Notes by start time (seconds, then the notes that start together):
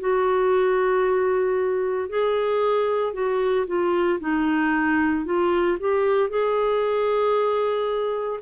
0.00 F#4
2.09 G#4
3.13 F#4
3.67 F4
4.20 D#4
5.25 F4
5.79 G4
6.30 G#4